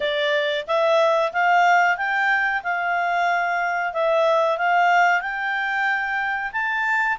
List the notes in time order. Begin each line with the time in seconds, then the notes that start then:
0.00 D5
0.67 E5
1.32 F5
1.97 G5
2.63 F5
3.93 E5
4.58 F5
5.21 G5
6.52 A5